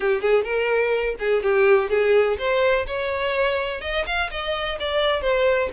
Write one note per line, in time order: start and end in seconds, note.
0.00 0.21 G4
0.21 0.44 G#4
0.44 1.15 A#4
1.19 1.43 G#4
1.43 1.89 G4
1.89 2.37 G#4
2.38 2.86 C5
2.86 3.81 C#5
3.81 4.05 D#5
4.06 4.30 F5
4.31 4.78 D#5
4.79 5.21 D5
5.21 5.69 C5